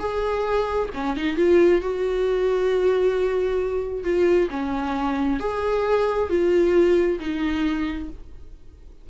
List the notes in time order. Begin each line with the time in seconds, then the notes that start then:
0.00 G#4
0.94 C#4
1.17 D#4
1.37 F4
1.82 F#4
4.04 F4
4.51 C#4
5.40 G#4
6.30 F4
7.20 D#4